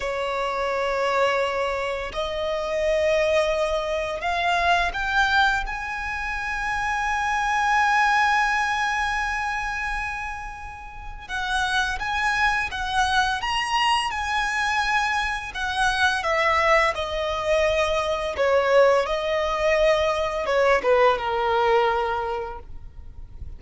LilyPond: \new Staff \with { instrumentName = "violin" } { \time 4/4 \tempo 4 = 85 cis''2. dis''4~ | dis''2 f''4 g''4 | gis''1~ | gis''1 |
fis''4 gis''4 fis''4 ais''4 | gis''2 fis''4 e''4 | dis''2 cis''4 dis''4~ | dis''4 cis''8 b'8 ais'2 | }